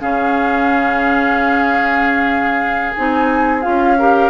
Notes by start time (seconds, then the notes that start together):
0.00 C#3 C#4 G#4 F5
2.94 C4 D#4 G#5
3.61 C#4 F4 F5
3.98 G4 A#4